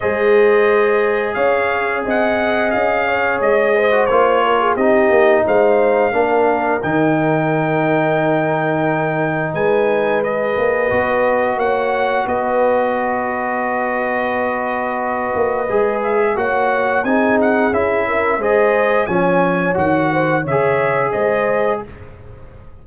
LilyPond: <<
  \new Staff \with { instrumentName = "trumpet" } { \time 4/4 \tempo 4 = 88 dis''2 f''4 fis''4 | f''4 dis''4 cis''4 dis''4 | f''2 g''2~ | g''2 gis''4 dis''4~ |
dis''4 fis''4 dis''2~ | dis''2.~ dis''8 e''8 | fis''4 gis''8 fis''8 e''4 dis''4 | gis''4 fis''4 e''4 dis''4 | }
  \new Staff \with { instrumentName = "horn" } { \time 4/4 c''2 cis''4 dis''4~ | dis''8 cis''4 c''4 ais'16 gis'16 g'4 | c''4 ais'2.~ | ais'2 b'2~ |
b'4 cis''4 b'2~ | b'1 | cis''4 gis'4. ais'8 c''4 | cis''4. c''8 cis''4 c''4 | }
  \new Staff \with { instrumentName = "trombone" } { \time 4/4 gis'1~ | gis'4.~ gis'16 fis'16 f'4 dis'4~ | dis'4 d'4 dis'2~ | dis'2. gis'4 |
fis'1~ | fis'2. gis'4 | fis'4 dis'4 e'4 gis'4 | cis'4 fis'4 gis'2 | }
  \new Staff \with { instrumentName = "tuba" } { \time 4/4 gis2 cis'4 c'4 | cis'4 gis4 ais4 c'8 ais8 | gis4 ais4 dis2~ | dis2 gis4. ais8 |
b4 ais4 b2~ | b2~ b8 ais8 gis4 | ais4 c'4 cis'4 gis4 | f4 dis4 cis4 gis4 | }
>>